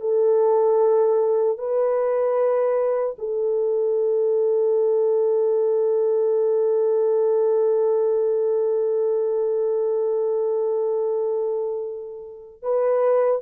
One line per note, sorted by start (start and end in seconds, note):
0.00 1.58 A4
1.58 3.15 B4
3.18 12.62 A4
12.62 13.41 B4